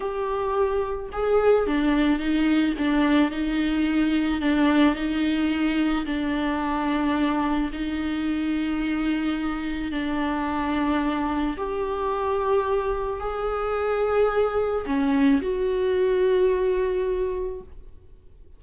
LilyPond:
\new Staff \with { instrumentName = "viola" } { \time 4/4 \tempo 4 = 109 g'2 gis'4 d'4 | dis'4 d'4 dis'2 | d'4 dis'2 d'4~ | d'2 dis'2~ |
dis'2 d'2~ | d'4 g'2. | gis'2. cis'4 | fis'1 | }